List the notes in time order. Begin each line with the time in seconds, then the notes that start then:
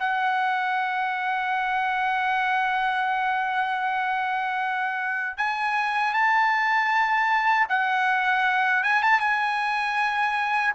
0.00 F#5
5.38 G#5
6.14 A5
7.69 F#5
8.84 G#5
9.03 A5
9.20 G#5